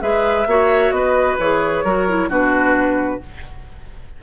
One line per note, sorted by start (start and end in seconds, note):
0.00 0.46 G#3
0.00 0.45 G#4
0.00 0.47 B4
0.00 0.91 E5
0.46 0.91 A#3
0.46 1.39 F#4
0.46 0.95 C#5
0.91 1.36 B3
0.91 1.84 B4
0.91 1.36 D#5
1.39 1.84 E3
1.39 1.85 G#4
1.39 2.30 C#5
1.84 2.28 F#3
1.84 2.08 F#4
1.84 2.29 A#4
2.08 2.30 E4
2.28 3.19 B2
2.28 3.21 D4
2.28 3.20 F#4
2.28 3.22 B4